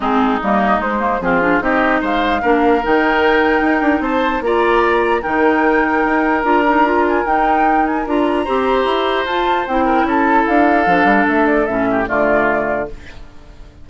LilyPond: <<
  \new Staff \with { instrumentName = "flute" } { \time 4/4 \tempo 4 = 149 gis'4 dis''4 c''4 gis'4 | dis''4 f''2 g''4~ | g''2 a''4 ais''4~ | ais''4 g''2. |
ais''4. gis''8 g''4. gis''8 | ais''2. a''4 | g''4 a''4 f''2 | e''8 d''8 e''4 d''2 | }
  \new Staff \with { instrumentName = "oboe" } { \time 4/4 dis'2. f'4 | g'4 c''4 ais'2~ | ais'2 c''4 d''4~ | d''4 ais'2.~ |
ais'1~ | ais'4 c''2.~ | c''8 ais'8 a'2.~ | a'4. g'8 f'2 | }
  \new Staff \with { instrumentName = "clarinet" } { \time 4/4 c'4 ais4 gis8 ais8 c'8 d'8 | dis'2 d'4 dis'4~ | dis'2. f'4~ | f'4 dis'2. |
f'8 dis'8 f'4 dis'2 | f'4 g'2 f'4 | e'2. d'4~ | d'4 cis'4 a2 | }
  \new Staff \with { instrumentName = "bassoon" } { \time 4/4 gis4 g4 gis4 f4 | c'4 gis4 ais4 dis4~ | dis4 dis'8 d'8 c'4 ais4~ | ais4 dis2 dis'4 |
d'2 dis'2 | d'4 c'4 e'4 f'4 | c'4 cis'4 d'4 f8 g8 | a4 a,4 d2 | }
>>